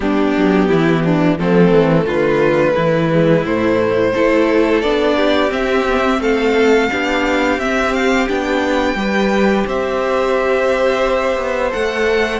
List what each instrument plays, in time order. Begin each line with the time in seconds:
0.00 cello G3, viola B3, violin D4 G4
0.37 cello F#3
0.68 cello E3, violin E4
1.04 violin D4
1.38 cello F3, viola A3, violin C4 A4
1.71 cello E3
2.05 cello D3, violin F4 B4
2.74 cello E3, violin E4
3.10 viola G#3
3.44 cello A2, viola A3, violin C5
4.15 cello A3, viola E4, violin A4
4.81 cello B3, viola D4, violin D5
5.16 violin G4
5.49 viola C4, cello C4, violin E5
5.89 viola B3
6.02 viola C4
6.19 cello A3, violin A4 F5
6.90 cello B3, viola D4, violin G4
7.58 cello C4, viola C4, violin E5
7.93 violin F5
8.27 cello B3, viola D4, violin G5
8.95 cello G3, viola G4, violin B4
9.66 cello C4, violin C5 E5
11.37 cello B3
11.70 cello A3, viola A4, violin F#5